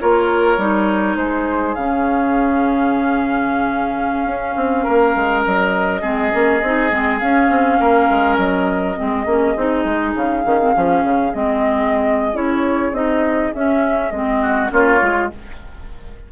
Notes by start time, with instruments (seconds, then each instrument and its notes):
0.00 bassoon A#3, clarinet F4, oboe A#4, flute C#5
0.57 bassoon G3, clarinet D#4
1.16 bassoon G#3, oboe G#4, flute C5
1.75 bassoon C#3, clarinet C#4, flute F5
4.25 bassoon C#4
4.56 bassoon C4
4.83 bassoon A#3, oboe A#4
5.16 bassoon G#3
5.44 bassoon F#3, flute D#5
6.01 bassoon G#3, clarinet C4, oboe G#4
6.32 bassoon A#3, clarinet C#4
6.62 bassoon C4, clarinet D#4
6.90 bassoon G#3, clarinet C4
7.19 bassoon C#4, clarinet C#4, flute F5
7.50 bassoon C4
7.80 bassoon A#3, oboe A#4
8.10 bassoon G#3
8.37 bassoon F#3, flute D#5
8.96 bassoon G#3, clarinet C4, oboe G#4
9.26 bassoon A#3, clarinet C#4
9.56 bassoon C4, clarinet D#4
9.85 bassoon G#3
10.15 bassoon C#3, flute F5
10.44 bassoon D#3, clarinet C#4
10.61 clarinet C4
10.74 bassoon F3, clarinet C#4
11.04 bassoon C#3
11.34 bassoon G#3, clarinet C4, flute D#5
12.33 bassoon C#4, clarinet E4, flute C#5
12.92 bassoon C4, clarinet D#4, flute D#5
13.54 bassoon C#4, clarinet C#4, flute E5
14.11 bassoon G#3, clarinet C4, flute D#5
14.42 oboe F#4
14.70 bassoon A#3, clarinet C#4, oboe F4, flute C#5
15.00 bassoon G#3, clarinet F4